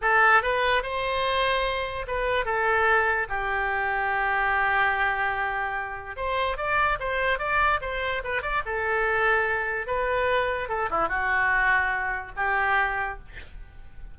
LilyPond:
\new Staff \with { instrumentName = "oboe" } { \time 4/4 \tempo 4 = 146 a'4 b'4 c''2~ | c''4 b'4 a'2 | g'1~ | g'2. c''4 |
d''4 c''4 d''4 c''4 | b'8 d''8 a'2. | b'2 a'8 e'8 fis'4~ | fis'2 g'2 | }